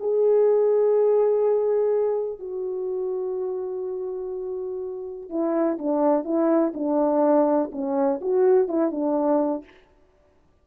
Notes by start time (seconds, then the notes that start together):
0.00 G#4
2.39 F#4
5.30 E4
5.79 D4
6.25 E4
6.74 D4
7.72 C#4
8.21 F#4
8.68 E4
8.91 D4